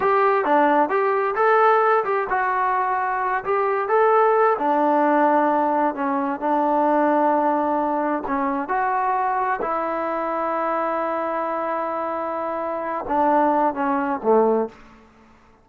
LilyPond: \new Staff \with { instrumentName = "trombone" } { \time 4/4 \tempo 4 = 131 g'4 d'4 g'4 a'4~ | a'8 g'8 fis'2~ fis'8 g'8~ | g'8 a'4. d'2~ | d'4 cis'4 d'2~ |
d'2 cis'4 fis'4~ | fis'4 e'2.~ | e'1~ | e'8 d'4. cis'4 a4 | }